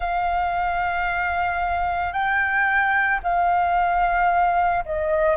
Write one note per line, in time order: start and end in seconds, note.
0.00 2.12 F5
2.12 3.19 G5
3.23 4.84 F5
4.85 5.36 D#5